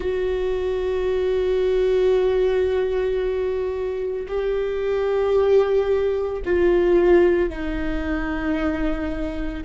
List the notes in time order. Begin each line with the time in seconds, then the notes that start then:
0.00 F#4
4.28 G4
6.45 F4
7.50 D#4